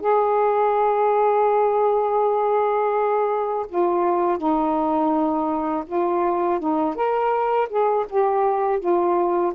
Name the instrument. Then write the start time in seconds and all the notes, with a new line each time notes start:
saxophone
0.00 G#4
3.69 F4
4.37 D#4
5.86 F4
6.59 D#4
6.95 A#4
7.69 G#4
8.09 G4
8.79 F4